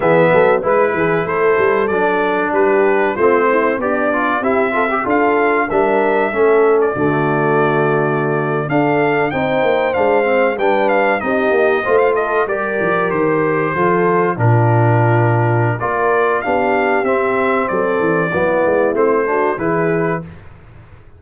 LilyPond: <<
  \new Staff \with { instrumentName = "trumpet" } { \time 4/4 \tempo 4 = 95 e''4 b'4 c''4 d''4 | b'4 c''4 d''4 e''4 | f''4 e''4.~ e''16 d''4~ d''16~ | d''4.~ d''16 f''4 g''4 f''16~ |
f''8. g''8 f''8 dis''4~ dis''16 f''16 dis''8 d''16~ | d''8. c''2 ais'4~ ais'16~ | ais'4 d''4 f''4 e''4 | d''2 c''4 b'4 | }
  \new Staff \with { instrumentName = "horn" } { \time 4/4 gis'8 a'8 b'8 gis'8 a'2 | g'4 f'8 e'8 d'4 g'8 a'16 g'16 | a'4 ais'4 a'4 fis'4~ | fis'4.~ fis'16 a'4 c''4~ c''16~ |
c''8. b'4 g'4 c''8 a'8 ais'16~ | ais'4.~ ais'16 a'4 f'4~ f'16~ | f'4 ais'4 g'2 | a'4 e'4. fis'8 gis'4 | }
  \new Staff \with { instrumentName = "trombone" } { \time 4/4 b4 e'2 d'4~ | d'4 c'4 g'8 f'8 e'8 f'16 g'16 | f'4 d'4 cis'4 a4~ | a4.~ a16 d'4 dis'4 d'16~ |
d'16 c'8 d'4 dis'4 f'4 g'16~ | g'4.~ g'16 f'4 d'4~ d'16~ | d'4 f'4 d'4 c'4~ | c'4 b4 c'8 d'8 e'4 | }
  \new Staff \with { instrumentName = "tuba" } { \time 4/4 e8 fis8 gis8 e8 a8 g8 fis4 | g4 a4 b4 c'4 | d'4 g4 a4 d4~ | d4.~ d16 d'4 c'8 ais8 gis16~ |
gis8. g4 c'8 ais8 a4 g16~ | g16 f8 dis4 f4 ais,4~ ais,16~ | ais,4 ais4 b4 c'4 | fis8 e8 fis8 gis8 a4 e4 | }
>>